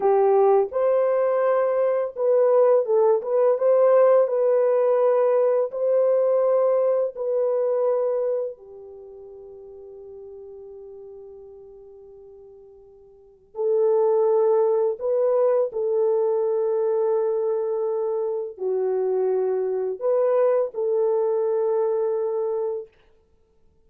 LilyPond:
\new Staff \with { instrumentName = "horn" } { \time 4/4 \tempo 4 = 84 g'4 c''2 b'4 | a'8 b'8 c''4 b'2 | c''2 b'2 | g'1~ |
g'2. a'4~ | a'4 b'4 a'2~ | a'2 fis'2 | b'4 a'2. | }